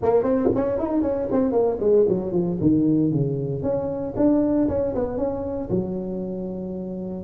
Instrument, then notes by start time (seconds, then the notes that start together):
tuba
0.02 A#3
0.23 C4
0.55 C#4
0.79 D#4
1.02 C#4
1.31 C4
1.52 A#3
1.80 G#3
2.08 F#3
2.32 F3
2.61 D#3
3.11 C#3
3.62 C#4
4.16 D4
4.68 C#4
4.94 B3
5.17 C#4
5.69 F#3